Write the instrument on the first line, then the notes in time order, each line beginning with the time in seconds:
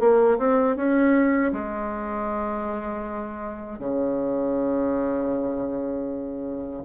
bassoon
0.00 A#3
0.38 C4
0.76 C#4
1.53 G#3
3.79 C#3